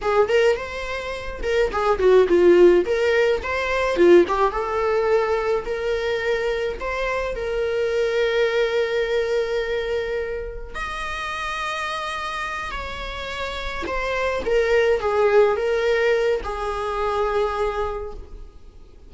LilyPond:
\new Staff \with { instrumentName = "viola" } { \time 4/4 \tempo 4 = 106 gis'8 ais'8 c''4. ais'8 gis'8 fis'8 | f'4 ais'4 c''4 f'8 g'8 | a'2 ais'2 | c''4 ais'2.~ |
ais'2. dis''4~ | dis''2~ dis''8 cis''4.~ | cis''8 c''4 ais'4 gis'4 ais'8~ | ais'4 gis'2. | }